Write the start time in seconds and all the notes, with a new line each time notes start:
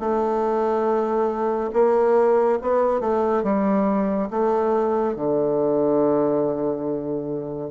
0.00 A3
1.73 A#3
2.62 B3
3.01 A3
3.44 G3
4.31 A3
5.16 D3